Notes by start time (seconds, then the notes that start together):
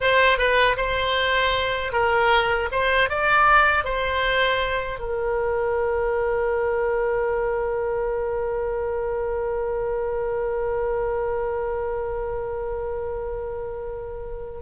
0.00 C5
0.38 B4
0.77 C5
1.92 A#4
2.71 C5
3.09 D5
3.84 C5
4.99 A#4